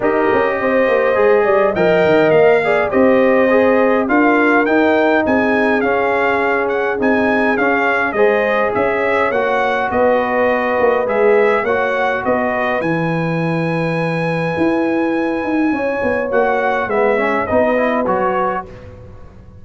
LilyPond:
<<
  \new Staff \with { instrumentName = "trumpet" } { \time 4/4 \tempo 4 = 103 dis''2. g''4 | f''4 dis''2 f''4 | g''4 gis''4 f''4. fis''8 | gis''4 f''4 dis''4 e''4 |
fis''4 dis''2 e''4 | fis''4 dis''4 gis''2~ | gis''1 | fis''4 e''4 dis''4 cis''4 | }
  \new Staff \with { instrumentName = "horn" } { \time 4/4 ais'4 c''4. d''8 dis''4~ | dis''8 d''8 c''2 ais'4~ | ais'4 gis'2.~ | gis'2 c''4 cis''4~ |
cis''4 b'2. | cis''4 b'2.~ | b'2. cis''4~ | cis''4 b'8 cis''8 b'2 | }
  \new Staff \with { instrumentName = "trombone" } { \time 4/4 g'2 gis'4 ais'4~ | ais'8 gis'8 g'4 gis'4 f'4 | dis'2 cis'2 | dis'4 cis'4 gis'2 |
fis'2. gis'4 | fis'2 e'2~ | e'1 | fis'4 b8 cis'8 dis'8 e'8 fis'4 | }
  \new Staff \with { instrumentName = "tuba" } { \time 4/4 dis'8 cis'8 c'8 ais8 gis8 g8 f8 dis8 | ais4 c'2 d'4 | dis'4 c'4 cis'2 | c'4 cis'4 gis4 cis'4 |
ais4 b4. ais8 gis4 | ais4 b4 e2~ | e4 e'4. dis'8 cis'8 b8 | ais4 gis4 b4 fis4 | }
>>